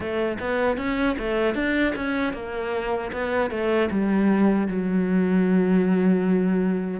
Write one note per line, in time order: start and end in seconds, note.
0.00 0.38 A3
0.39 0.77 B3
0.77 1.16 C#4
1.18 1.54 A3
1.54 1.93 D4
1.95 2.33 C#4
2.33 3.11 A#3
3.12 3.50 B3
3.50 3.89 A3
3.90 4.68 G3
4.68 7.00 F#3